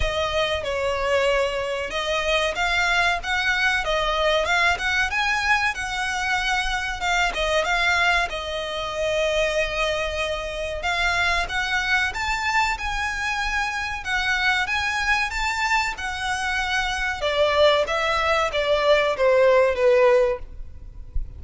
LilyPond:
\new Staff \with { instrumentName = "violin" } { \time 4/4 \tempo 4 = 94 dis''4 cis''2 dis''4 | f''4 fis''4 dis''4 f''8 fis''8 | gis''4 fis''2 f''8 dis''8 | f''4 dis''2.~ |
dis''4 f''4 fis''4 a''4 | gis''2 fis''4 gis''4 | a''4 fis''2 d''4 | e''4 d''4 c''4 b'4 | }